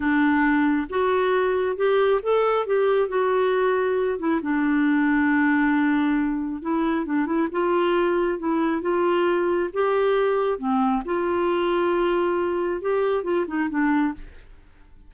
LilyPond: \new Staff \with { instrumentName = "clarinet" } { \time 4/4 \tempo 4 = 136 d'2 fis'2 | g'4 a'4 g'4 fis'4~ | fis'4. e'8 d'2~ | d'2. e'4 |
d'8 e'8 f'2 e'4 | f'2 g'2 | c'4 f'2.~ | f'4 g'4 f'8 dis'8 d'4 | }